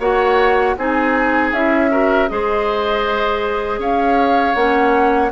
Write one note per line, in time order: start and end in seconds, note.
0.00 0.76 A#3
0.00 0.77 F#4
0.00 0.76 C#5
0.00 0.77 F#5
0.78 1.53 C4
0.78 1.54 D#4
0.78 1.91 G#4
0.78 1.54 G#5
1.53 2.28 C#4
1.53 1.91 E4
1.53 2.28 E5
1.91 2.29 F#4
1.91 2.29 A#4
2.28 3.79 G#3
2.28 4.56 G#4
2.28 3.80 C5
2.28 3.80 D#5
3.79 4.55 C#4
3.79 5.32 C#5
3.79 4.55 F5
4.55 5.31 A#3
4.55 5.32 C#4
4.55 5.31 F#5